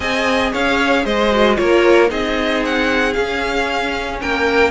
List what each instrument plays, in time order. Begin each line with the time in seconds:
0.00 cello C4, viola G#4, violin D#5 G#5
0.52 cello C#4, violin C#5 F5
1.04 cello G#3, violin C5 D#5
1.31 viola F#4
1.56 cello A#3, viola F4, violin A#4 C#5
2.08 cello C4, viola D#4, violin G#4 D#5
2.65 violin F#5
3.13 viola C#4, cello C#4, violin F5
4.21 cello A#3, violin A#4 G5